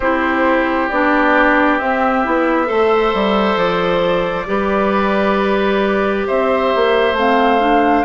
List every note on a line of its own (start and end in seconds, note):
0.00 0.88 C4
0.00 0.91 E4
0.00 2.67 G4
0.00 0.89 C5
0.89 1.80 B3
0.89 1.79 D4
0.89 1.78 D5
1.78 2.24 C4
1.78 2.25 C4
1.78 3.57 E5
2.24 2.69 B3
2.24 2.65 E4
2.65 3.13 A3
2.65 4.44 A4
2.65 4.46 C5
3.13 3.56 G3
3.56 4.46 F3
3.56 6.26 D5
4.46 6.26 G3
4.46 7.15 G4
4.46 6.27 B4
6.27 6.74 C4
6.27 8.04 C5
6.27 7.16 E5
6.75 7.12 A#3
7.12 8.02 A3
7.12 7.59 C4
7.12 8.04 F5
7.59 8.04 D4